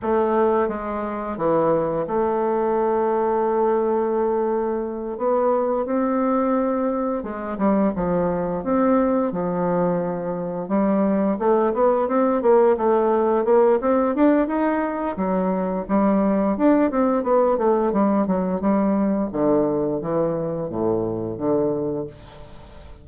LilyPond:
\new Staff \with { instrumentName = "bassoon" } { \time 4/4 \tempo 4 = 87 a4 gis4 e4 a4~ | a2.~ a8 b8~ | b8 c'2 gis8 g8 f8~ | f8 c'4 f2 g8~ |
g8 a8 b8 c'8 ais8 a4 ais8 | c'8 d'8 dis'4 fis4 g4 | d'8 c'8 b8 a8 g8 fis8 g4 | d4 e4 a,4 d4 | }